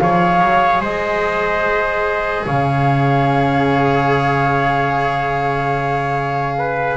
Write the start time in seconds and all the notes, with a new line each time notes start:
0.00 F3 G#4 C#5 F5
0.41 F#3
0.81 G#3 C5 D#5
2.47 C#3 C#5 F5
6.59 B4